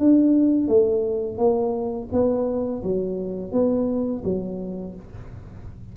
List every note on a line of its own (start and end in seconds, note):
0.00 0.68 D4
0.68 1.38 A3
1.38 2.09 A#3
2.12 2.83 B3
2.84 3.53 F#3
3.53 4.23 B3
4.25 4.95 F#3